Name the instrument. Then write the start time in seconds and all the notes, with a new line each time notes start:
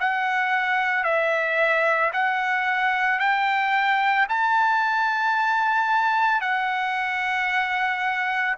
trumpet
0.00 F#5
1.04 E5
2.13 F#5
3.19 G5
4.29 A5
6.41 F#5